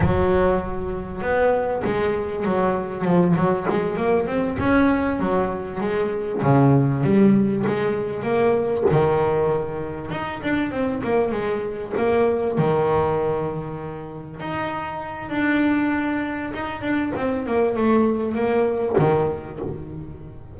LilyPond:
\new Staff \with { instrumentName = "double bass" } { \time 4/4 \tempo 4 = 98 fis2 b4 gis4 | fis4 f8 fis8 gis8 ais8 c'8 cis'8~ | cis'8 fis4 gis4 cis4 g8~ | g8 gis4 ais4 dis4.~ |
dis8 dis'8 d'8 c'8 ais8 gis4 ais8~ | ais8 dis2. dis'8~ | dis'4 d'2 dis'8 d'8 | c'8 ais8 a4 ais4 dis4 | }